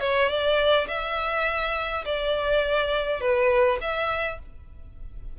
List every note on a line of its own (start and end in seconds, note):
0.00 0.29 C#5
0.29 0.87 D5
0.88 2.04 E5
2.04 3.20 D5
3.20 3.78 B4
3.80 4.39 E5